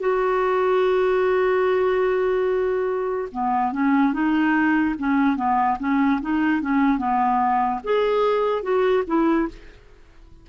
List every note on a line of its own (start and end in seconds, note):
0.00 3.29 F#4
3.32 3.72 B3
3.72 4.13 C#4
4.13 4.95 D#4
4.99 5.36 C#4
5.36 5.77 B3
5.79 6.21 C#4
6.21 6.61 D#4
6.61 6.98 C#4
6.98 7.80 B3
7.83 8.62 G#4
8.62 9.03 F#4
9.07 9.48 E4